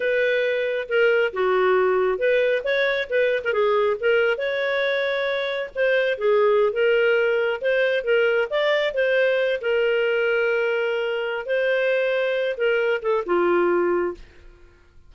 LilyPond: \new Staff \with { instrumentName = "clarinet" } { \time 4/4 \tempo 4 = 136 b'2 ais'4 fis'4~ | fis'4 b'4 cis''4 b'8. ais'16 | gis'4 ais'4 cis''2~ | cis''4 c''4 gis'4~ gis'16 ais'8.~ |
ais'4~ ais'16 c''4 ais'4 d''8.~ | d''16 c''4. ais'2~ ais'16~ | ais'2 c''2~ | c''8 ais'4 a'8 f'2 | }